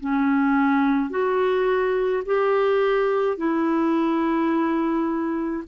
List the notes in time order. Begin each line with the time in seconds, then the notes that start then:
0.00 C#4
1.10 F#4
2.26 G4
3.38 E4